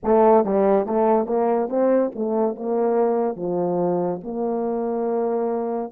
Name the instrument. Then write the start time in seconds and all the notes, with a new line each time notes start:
horn
0.03 A3
0.45 G3
0.86 A3
1.26 A#3
1.69 C4
2.15 A3
2.55 A#3
3.36 F3
4.23 A#3